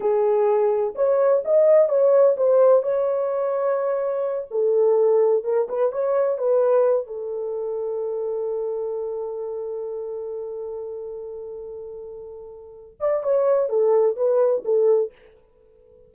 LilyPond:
\new Staff \with { instrumentName = "horn" } { \time 4/4 \tempo 4 = 127 gis'2 cis''4 dis''4 | cis''4 c''4 cis''2~ | cis''4. a'2 ais'8 | b'8 cis''4 b'4. a'4~ |
a'1~ | a'1~ | a'2.~ a'8 d''8 | cis''4 a'4 b'4 a'4 | }